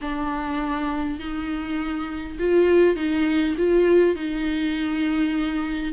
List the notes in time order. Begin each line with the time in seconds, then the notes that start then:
0.01 D4
1.19 D#4
2.39 F4
2.96 D#4
3.57 F4
4.15 D#4